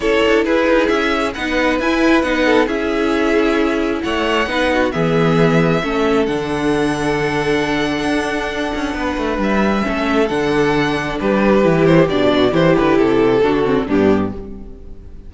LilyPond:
<<
  \new Staff \with { instrumentName = "violin" } { \time 4/4 \tempo 4 = 134 cis''4 b'4 e''4 fis''4 | gis''4 fis''4 e''2~ | e''4 fis''2 e''4~ | e''2 fis''2~ |
fis''1~ | fis''4 e''2 fis''4~ | fis''4 b'4. c''8 d''4 | c''8 b'8 a'2 g'4 | }
  \new Staff \with { instrumentName = "violin" } { \time 4/4 a'4 gis'2 b'4~ | b'4. a'8 gis'2~ | gis'4 cis''4 b'8 fis'8 gis'4~ | gis'4 a'2.~ |
a'1 | b'2 a'2~ | a'4 g'2~ g'8 fis'8 | g'2 fis'4 d'4 | }
  \new Staff \with { instrumentName = "viola" } { \time 4/4 e'2. dis'4 | e'4 dis'4 e'2~ | e'2 dis'4 b4~ | b4 cis'4 d'2~ |
d'1~ | d'2 cis'4 d'4~ | d'2 e'4 d'4 | e'2 d'8 c'8 b4 | }
  \new Staff \with { instrumentName = "cello" } { \time 4/4 cis'8 d'8 e'8 dis'8 cis'4 b4 | e'4 b4 cis'2~ | cis'4 a4 b4 e4~ | e4 a4 d2~ |
d2 d'4. cis'8 | b8 a8 g4 a4 d4~ | d4 g4 e4 b,4 | e8 d8 c4 d4 g,4 | }
>>